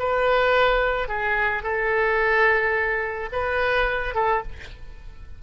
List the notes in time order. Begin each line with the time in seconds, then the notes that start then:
0.00 B4
1.09 G#4
1.63 A4
3.33 B4
4.15 A4